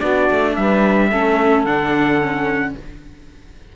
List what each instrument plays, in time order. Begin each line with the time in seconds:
0.00 cello B3, viola D4, saxophone F#4, trumpet D5
0.31 cello A3
0.56 cello G3, saxophone B4, trumpet E5
1.10 cello A3, viola C#4, saxophone A4
1.65 cello D3, viola D4, trumpet F#5
2.21 viola C#4